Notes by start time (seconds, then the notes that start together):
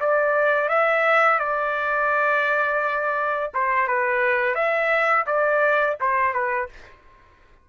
0.00 D5
0.69 E5
1.39 D5
3.54 C5
3.87 B4
4.54 E5
5.26 D5
6.00 C5
6.33 B4